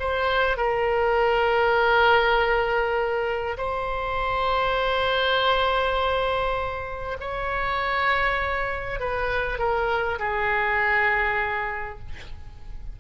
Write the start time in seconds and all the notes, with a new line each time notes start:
0.00 C5
0.58 A#4
3.58 C5
7.21 C#5
9.00 B4
9.59 A#4
10.19 G#4